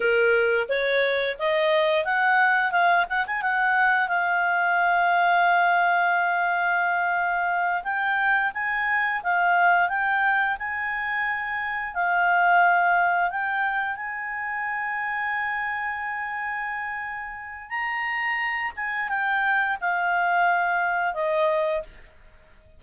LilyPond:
\new Staff \with { instrumentName = "clarinet" } { \time 4/4 \tempo 4 = 88 ais'4 cis''4 dis''4 fis''4 | f''8 fis''16 gis''16 fis''4 f''2~ | f''2.~ f''8 g''8~ | g''8 gis''4 f''4 g''4 gis''8~ |
gis''4. f''2 g''8~ | g''8 gis''2.~ gis''8~ | gis''2 ais''4. gis''8 | g''4 f''2 dis''4 | }